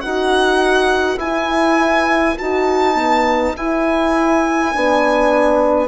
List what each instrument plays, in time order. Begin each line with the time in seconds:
0.00 bassoon D#4, horn F#4, trumpet B4, violin F#5
1.17 bassoon E4, horn E4, violin G#5
2.38 bassoon D#4, horn F#4, violin A5
2.95 horn B3
3.55 horn E4, bassoon E4, violin G#5
4.72 bassoon B3, horn D4